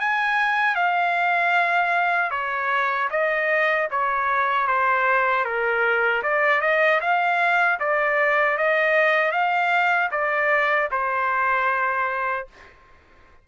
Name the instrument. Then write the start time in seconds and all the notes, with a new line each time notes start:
trumpet
0.00 G#5
0.75 F5
2.31 C#5
3.11 D#5
3.91 C#5
4.67 C5
5.45 A#4
6.23 D5
6.62 D#5
7.01 F5
7.80 D5
8.58 D#5
9.32 F5
10.12 D5
10.91 C5